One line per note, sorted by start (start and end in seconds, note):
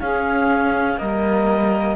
0.00 0.98 C#4
0.00 1.01 C#4
0.00 0.99 G#4
0.00 0.99 F5
0.98 1.95 G3
0.98 1.95 A#3
0.98 1.95 A#4
0.98 1.95 D#5